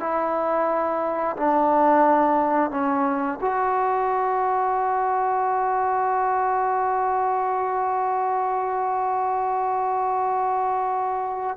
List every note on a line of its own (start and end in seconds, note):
0.00 1.36 E4
1.37 2.71 D4
2.71 3.39 C#4
3.41 11.57 F#4